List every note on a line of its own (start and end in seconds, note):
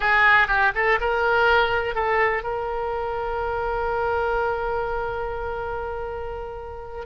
0.00 0.47 G#4
0.47 0.72 G4
0.75 0.99 A4
1.00 1.94 A#4
1.94 2.43 A4
2.43 7.06 A#4